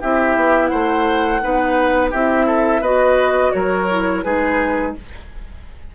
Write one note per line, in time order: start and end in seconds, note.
0.00 0.36 C4
0.00 1.42 E4
0.00 0.70 G4
0.00 0.67 E5
0.36 0.71 B3
0.67 1.43 A3
0.67 1.41 C5
0.67 2.09 F#5
1.42 2.13 B3
1.42 2.12 D#4
1.42 2.11 B4
2.11 2.81 C4
2.11 2.84 E4
2.11 2.46 G4
2.11 2.83 E5
2.46 2.81 A4
2.81 3.52 B3
2.81 3.90 F#4
2.81 3.52 B4
2.81 3.52 D#5
3.52 4.25 F#3
3.52 4.25 A#4
3.52 4.23 C#5
3.90 4.25 E4
4.24 4.96 G#3
4.24 4.95 D#4
4.24 4.95 G#4
4.24 4.94 B4